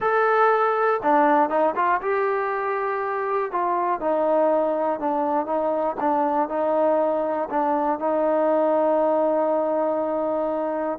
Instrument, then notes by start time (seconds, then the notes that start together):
trombone
0.00 A4
1.02 D4
1.49 D#4
1.75 F4
2.01 G4
3.51 F4
4.00 D#4
4.99 D4
5.46 D#4
6.00 D4
6.48 D#4
7.50 D4
7.99 D#4